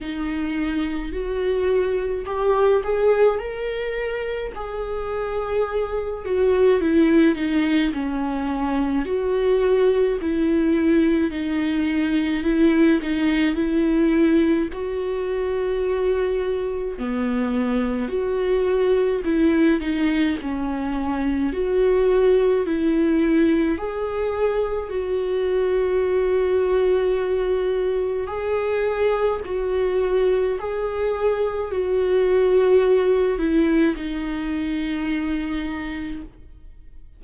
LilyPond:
\new Staff \with { instrumentName = "viola" } { \time 4/4 \tempo 4 = 53 dis'4 fis'4 g'8 gis'8 ais'4 | gis'4. fis'8 e'8 dis'8 cis'4 | fis'4 e'4 dis'4 e'8 dis'8 | e'4 fis'2 b4 |
fis'4 e'8 dis'8 cis'4 fis'4 | e'4 gis'4 fis'2~ | fis'4 gis'4 fis'4 gis'4 | fis'4. e'8 dis'2 | }